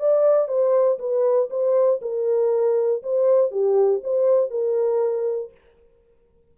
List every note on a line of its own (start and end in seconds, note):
0.00 0.48 D5
0.48 0.99 C5
0.99 1.50 B4
1.50 2.01 C5
2.02 3.03 A#4
3.03 3.52 C5
3.52 4.02 G4
4.04 4.51 C5
4.51 5.51 A#4